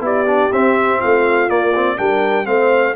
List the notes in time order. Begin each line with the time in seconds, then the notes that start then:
0.00 B3 E4 G4 D5
0.26 D4
0.52 C4 E5
0.99 A3 F4 F5
1.49 A#3 D5
1.75 C4
1.96 G3 D4 A#4 G5
2.45 A3 C4 C5 F5